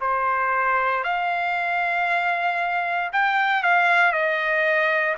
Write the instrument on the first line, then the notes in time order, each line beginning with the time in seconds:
trumpet
0.00 C5
1.03 F5
3.12 G5
3.63 F5
4.11 D#5